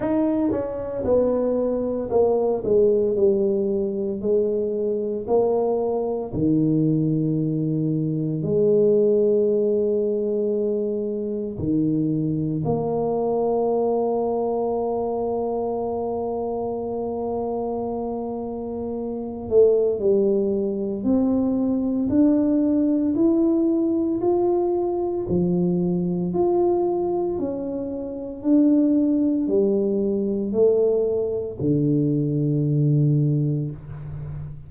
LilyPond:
\new Staff \with { instrumentName = "tuba" } { \time 4/4 \tempo 4 = 57 dis'8 cis'8 b4 ais8 gis8 g4 | gis4 ais4 dis2 | gis2. dis4 | ais1~ |
ais2~ ais8 a8 g4 | c'4 d'4 e'4 f'4 | f4 f'4 cis'4 d'4 | g4 a4 d2 | }